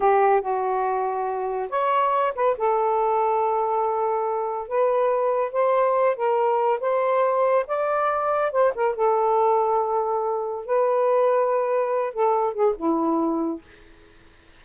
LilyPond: \new Staff \with { instrumentName = "saxophone" } { \time 4/4 \tempo 4 = 141 g'4 fis'2. | cis''4. b'8 a'2~ | a'2. b'4~ | b'4 c''4. ais'4. |
c''2 d''2 | c''8 ais'8 a'2.~ | a'4 b'2.~ | b'8 a'4 gis'8 e'2 | }